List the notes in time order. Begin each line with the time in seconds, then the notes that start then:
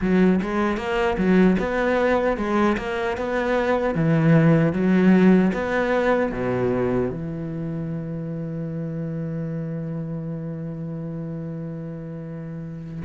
0.01 F#3
0.41 G#3
0.77 A#3
1.17 F#3
1.59 B3
2.37 G#3
2.77 A#3
3.17 B3
3.94 E3
4.73 F#3
5.53 B3
6.32 B2
7.10 E3